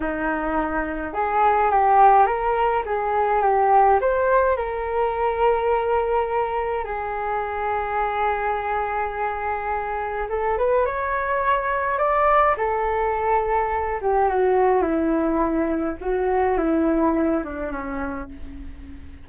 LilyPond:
\new Staff \with { instrumentName = "flute" } { \time 4/4 \tempo 4 = 105 dis'2 gis'4 g'4 | ais'4 gis'4 g'4 c''4 | ais'1 | gis'1~ |
gis'2 a'8 b'8 cis''4~ | cis''4 d''4 a'2~ | a'8 g'8 fis'4 e'2 | fis'4 e'4. d'8 cis'4 | }